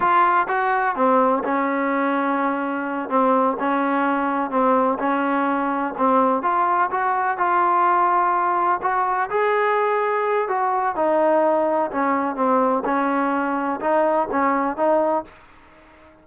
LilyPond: \new Staff \with { instrumentName = "trombone" } { \time 4/4 \tempo 4 = 126 f'4 fis'4 c'4 cis'4~ | cis'2~ cis'8 c'4 cis'8~ | cis'4. c'4 cis'4.~ | cis'8 c'4 f'4 fis'4 f'8~ |
f'2~ f'8 fis'4 gis'8~ | gis'2 fis'4 dis'4~ | dis'4 cis'4 c'4 cis'4~ | cis'4 dis'4 cis'4 dis'4 | }